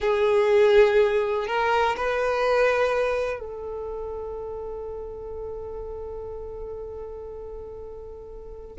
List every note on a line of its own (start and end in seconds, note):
0.00 1.47 G#4
1.47 1.95 A#4
1.96 3.39 B4
3.39 8.76 A4